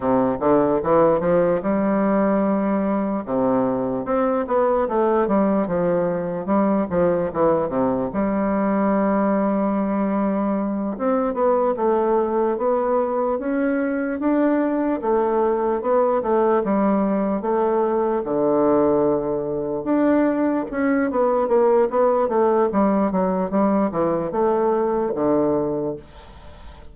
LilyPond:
\new Staff \with { instrumentName = "bassoon" } { \time 4/4 \tempo 4 = 74 c8 d8 e8 f8 g2 | c4 c'8 b8 a8 g8 f4 | g8 f8 e8 c8 g2~ | g4. c'8 b8 a4 b8~ |
b8 cis'4 d'4 a4 b8 | a8 g4 a4 d4.~ | d8 d'4 cis'8 b8 ais8 b8 a8 | g8 fis8 g8 e8 a4 d4 | }